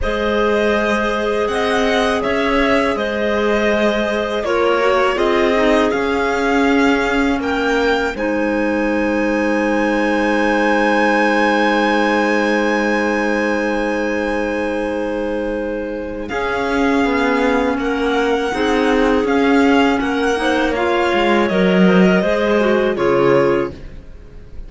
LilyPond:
<<
  \new Staff \with { instrumentName = "violin" } { \time 4/4 \tempo 4 = 81 dis''2 fis''4 e''4 | dis''2 cis''4 dis''4 | f''2 g''4 gis''4~ | gis''1~ |
gis''1~ | gis''2 f''2 | fis''2 f''4 fis''4 | f''4 dis''2 cis''4 | }
  \new Staff \with { instrumentName = "clarinet" } { \time 4/4 c''2 dis''4 cis''4 | c''2 ais'4 gis'4~ | gis'2 ais'4 c''4~ | c''1~ |
c''1~ | c''2 gis'2 | ais'4 gis'2 ais'8 c''8 | cis''4. c''16 ais'16 c''4 gis'4 | }
  \new Staff \with { instrumentName = "clarinet" } { \time 4/4 gis'1~ | gis'2 f'8 fis'8 f'8 dis'8 | cis'2. dis'4~ | dis'1~ |
dis'1~ | dis'2 cis'2~ | cis'4 dis'4 cis'4. dis'8 | f'4 ais'4 gis'8 fis'8 f'4 | }
  \new Staff \with { instrumentName = "cello" } { \time 4/4 gis2 c'4 cis'4 | gis2 ais4 c'4 | cis'2 ais4 gis4~ | gis1~ |
gis1~ | gis2 cis'4 b4 | ais4 c'4 cis'4 ais4~ | ais8 gis8 fis4 gis4 cis4 | }
>>